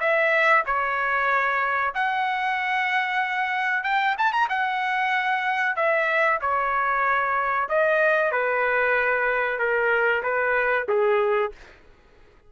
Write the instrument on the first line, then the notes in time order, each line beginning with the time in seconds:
trumpet
0.00 E5
0.66 C#5
1.94 F#5
3.84 G5
4.18 A5
4.32 A#5
4.49 F#5
5.76 E5
6.41 C#5
7.69 D#5
8.32 B4
9.59 A#4
10.23 B4
10.88 G#4